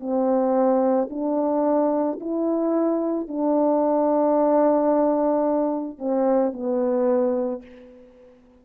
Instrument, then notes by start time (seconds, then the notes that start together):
horn
0.00 C4
1.11 D4
2.21 E4
3.28 D4
5.99 C4
6.53 B3